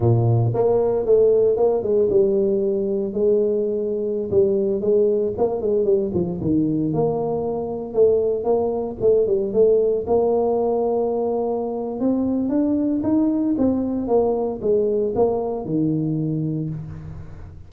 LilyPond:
\new Staff \with { instrumentName = "tuba" } { \time 4/4 \tempo 4 = 115 ais,4 ais4 a4 ais8 gis8 | g2 gis2~ | gis16 g4 gis4 ais8 gis8 g8 f16~ | f16 dis4 ais2 a8.~ |
a16 ais4 a8 g8 a4 ais8.~ | ais2. c'4 | d'4 dis'4 c'4 ais4 | gis4 ais4 dis2 | }